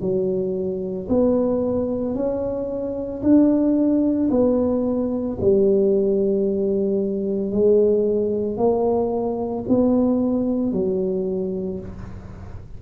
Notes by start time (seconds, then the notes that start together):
0.00 F#3
1.08 B3
2.14 C#4
3.22 D4
4.30 B3
5.41 G3
7.51 G#3
8.57 A#3
9.68 B3
10.72 F#3